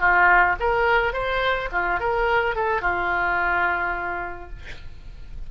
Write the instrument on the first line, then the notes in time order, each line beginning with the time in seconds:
oboe
0.00 F4
0.60 A#4
1.13 C5
1.72 F4
2.00 A#4
2.56 A4
2.82 F4